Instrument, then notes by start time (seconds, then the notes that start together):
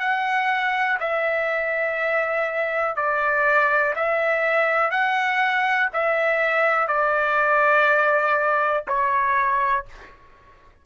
trumpet
0.00 F#5
1.00 E5
2.96 D5
3.96 E5
4.91 F#5
5.93 E5
6.88 D5
8.87 C#5